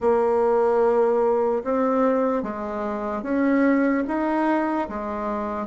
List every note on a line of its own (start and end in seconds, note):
0.00 1.63 A#3
1.64 2.43 C4
2.43 3.22 G#3
3.22 4.03 C#4
4.07 4.88 D#4
4.89 5.66 G#3